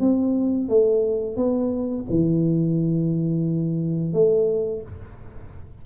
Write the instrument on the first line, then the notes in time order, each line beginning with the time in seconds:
tuba
0.00 C4
0.69 A3
1.36 B3
2.09 E3
4.13 A3